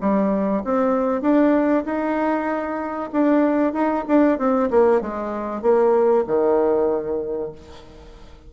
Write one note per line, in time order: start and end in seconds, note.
0.00 0.62 G3
0.64 1.21 C4
1.21 1.84 D4
1.85 3.10 D#4
3.12 3.73 D4
3.73 4.04 D#4
4.07 4.38 D4
4.38 4.69 C4
4.70 5.01 A#3
5.01 5.62 G#3
5.62 6.24 A#3
6.27 7.52 D#3